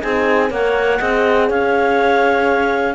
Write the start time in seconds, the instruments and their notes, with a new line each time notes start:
0.00 cello C4, horn D#4, clarinet G#4 G#5
0.50 cello A#3, horn A#4, clarinet C#5 F#5
0.99 cello C4, horn G#4, clarinet D#5
1.48 cello C#4, clarinet C#5 F5